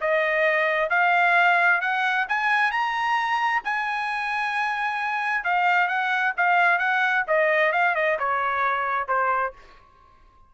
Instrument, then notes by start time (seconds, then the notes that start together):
trumpet
0.00 D#5
0.89 F5
1.81 F#5
2.28 G#5
2.71 A#5
3.64 G#5
5.44 F5
5.87 F#5
6.36 F5
6.78 F#5
7.27 D#5
7.72 F5
7.95 D#5
8.18 C#5
9.07 C5